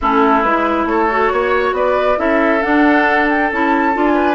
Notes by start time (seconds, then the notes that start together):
0.01 A3 C#4 E4 A4
0.42 G#3 E4 B4
0.85 A3 A4 C#5
1.10 F#4
1.32 A#3 C#5
1.72 B3 B4 D5
2.16 C#4 E4 A4 E5
2.61 D4 F#5
3.29 G5
3.52 C#4 E4 A5
3.93 D4 F4
4.06 G#5
4.14 B4